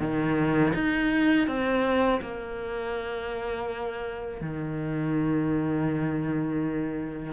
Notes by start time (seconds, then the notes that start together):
0.00 D#3
0.74 D#4
1.47 C4
2.22 A#3
4.41 D#3